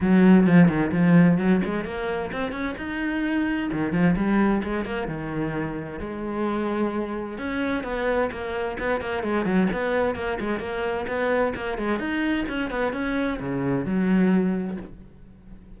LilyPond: \new Staff \with { instrumentName = "cello" } { \time 4/4 \tempo 4 = 130 fis4 f8 dis8 f4 fis8 gis8 | ais4 c'8 cis'8 dis'2 | dis8 f8 g4 gis8 ais8 dis4~ | dis4 gis2. |
cis'4 b4 ais4 b8 ais8 | gis8 fis8 b4 ais8 gis8 ais4 | b4 ais8 gis8 dis'4 cis'8 b8 | cis'4 cis4 fis2 | }